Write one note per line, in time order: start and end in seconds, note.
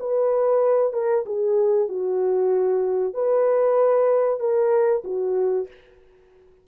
0.00 0.93 B4
0.93 1.25 A#4
1.26 1.89 G#4
1.89 3.14 F#4
3.14 4.40 B4
4.40 5.04 A#4
5.05 5.68 F#4